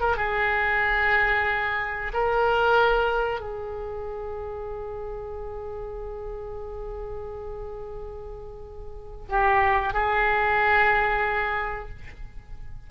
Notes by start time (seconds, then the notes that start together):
0.00 A#4
0.17 G#4
2.13 A#4
3.40 G#4
9.29 G4
9.93 G#4